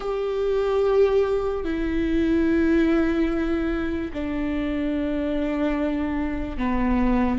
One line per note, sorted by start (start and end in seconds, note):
0.00 1.64 G4
1.64 4.11 E4
4.13 6.57 D4
6.57 7.38 B3